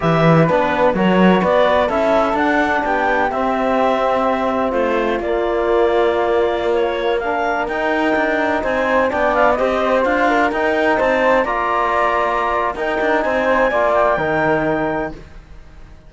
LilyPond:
<<
  \new Staff \with { instrumentName = "clarinet" } { \time 4/4 \tempo 4 = 127 e''4 b'4 cis''4 d''4 | e''4 fis''4 g''4 e''4~ | e''2 c''4 d''4~ | d''2~ d''16 cis''4 f''8.~ |
f''16 g''2 gis''4 g''8 f''16~ | f''16 dis''4 f''4 g''4 a''8.~ | a''16 ais''2~ ais''8. g''4 | gis''4. g''2~ g''8 | }
  \new Staff \with { instrumentName = "flute" } { \time 4/4 b'2 ais'4 b'4 | a'2 g'2~ | g'2 f'2~ | f'2.~ f'16 ais'8.~ |
ais'2~ ais'16 c''4 d''8.~ | d''16 c''4. ais'4. c''8.~ | c''16 d''2~ d''8. ais'4 | c''4 d''4 ais'2 | }
  \new Staff \with { instrumentName = "trombone" } { \time 4/4 g'4 d'4 fis'2 | e'4 d'2 c'4~ | c'2. ais4~ | ais2.~ ais16 d'8.~ |
d'16 dis'2. d'8.~ | d'16 g'4 f'4 dis'4.~ dis'16~ | dis'16 f'2~ f'8. dis'4~ | dis'4 f'4 dis'2 | }
  \new Staff \with { instrumentName = "cello" } { \time 4/4 e4 b4 fis4 b4 | cis'4 d'4 b4 c'4~ | c'2 a4 ais4~ | ais1~ |
ais16 dis'4 d'4 c'4 b8.~ | b16 c'4 d'4 dis'4 c'8.~ | c'16 ais2~ ais8. dis'8 d'8 | c'4 ais4 dis2 | }
>>